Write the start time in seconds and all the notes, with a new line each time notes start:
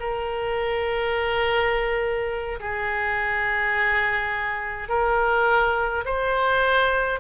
0.00 A#4
2.60 G#4
4.89 A#4
6.05 C5